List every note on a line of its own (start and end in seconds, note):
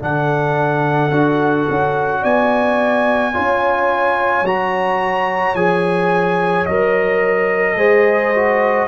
0.00 1.11 D3
0.00 1.11 D4
0.00 2.22 A4
0.00 2.25 F#5
1.11 1.67 D4
1.11 3.34 F#4
1.70 2.24 C#4
2.22 3.35 B3
2.22 3.33 D5
2.22 4.47 G#5
3.33 4.42 C#4
3.33 4.45 F4
3.33 7.78 C#5
4.42 5.53 F#3
4.42 5.57 F#4
4.42 5.56 A#5
5.55 6.66 F3
5.55 6.68 G#4
5.55 6.66 G#5
6.66 7.76 F#3
6.66 7.78 A#4
6.66 8.88 D#5
7.76 8.87 G#3
7.76 8.34 G#4
7.76 8.88 C5
8.35 8.88 F#4